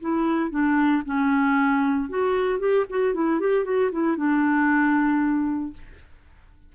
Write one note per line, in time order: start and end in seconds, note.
0.00 0.50 E4
0.50 1.02 D4
1.05 2.09 C#4
2.09 2.59 F#4
2.59 2.85 G4
2.89 3.14 F#4
3.14 3.40 E4
3.40 3.64 G4
3.64 3.90 F#4
3.92 4.16 E4
4.16 5.73 D4